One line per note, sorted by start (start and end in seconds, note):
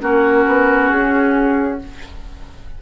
0.00 0.46 A#3
0.00 1.79 C#4
0.00 1.81 F#4
0.00 0.90 A#4
0.47 0.92 B3
0.90 1.82 C#4
0.90 1.79 G#4